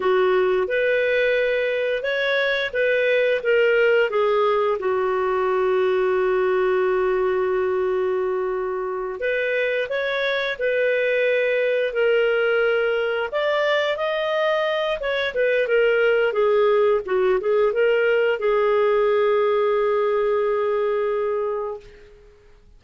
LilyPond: \new Staff \with { instrumentName = "clarinet" } { \time 4/4 \tempo 4 = 88 fis'4 b'2 cis''4 | b'4 ais'4 gis'4 fis'4~ | fis'1~ | fis'4. b'4 cis''4 b'8~ |
b'4. ais'2 d''8~ | d''8 dis''4. cis''8 b'8 ais'4 | gis'4 fis'8 gis'8 ais'4 gis'4~ | gis'1 | }